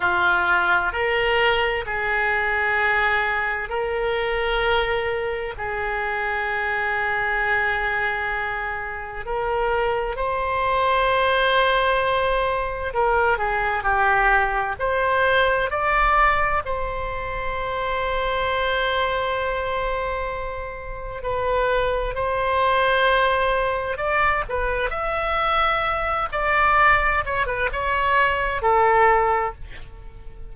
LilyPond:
\new Staff \with { instrumentName = "oboe" } { \time 4/4 \tempo 4 = 65 f'4 ais'4 gis'2 | ais'2 gis'2~ | gis'2 ais'4 c''4~ | c''2 ais'8 gis'8 g'4 |
c''4 d''4 c''2~ | c''2. b'4 | c''2 d''8 b'8 e''4~ | e''8 d''4 cis''16 b'16 cis''4 a'4 | }